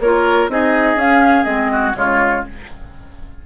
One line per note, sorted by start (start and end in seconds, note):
0.00 0.49 A#3
0.00 0.50 F4
0.00 0.52 A#4
0.00 0.50 C#5
0.49 0.96 C4
0.49 0.97 D#4
0.49 1.72 G#4
0.49 0.99 D#5
0.96 1.44 C#4
0.96 1.45 C#4
0.96 1.45 F5
1.45 1.94 G#3
1.45 1.94 C4
1.45 1.94 D#5
1.72 1.97 F#4
1.94 2.44 C#3
1.94 2.43 G#3
1.94 2.47 F4
1.94 2.46 C#5